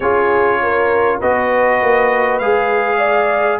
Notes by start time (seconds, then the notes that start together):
0.00 C#4 F4 G#4 C#5
0.62 A#4
1.18 B3 F#4 B4 D#5
1.81 A#3
2.38 G#3 G#4 F5
2.97 D5